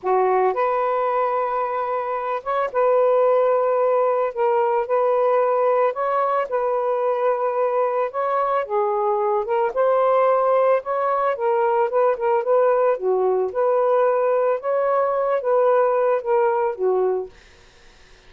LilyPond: \new Staff \with { instrumentName = "saxophone" } { \time 4/4 \tempo 4 = 111 fis'4 b'2.~ | b'8 cis''8 b'2. | ais'4 b'2 cis''4 | b'2. cis''4 |
gis'4. ais'8 c''2 | cis''4 ais'4 b'8 ais'8 b'4 | fis'4 b'2 cis''4~ | cis''8 b'4. ais'4 fis'4 | }